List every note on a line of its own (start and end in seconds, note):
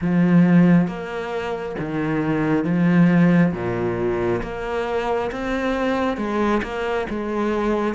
0.01 0.87 F3
0.87 1.75 A#3
1.79 2.64 D#3
2.64 3.52 F3
3.53 4.41 A#2
4.42 5.30 A#3
5.31 6.17 C4
6.17 6.61 G#3
6.62 7.06 A#3
7.09 7.94 G#3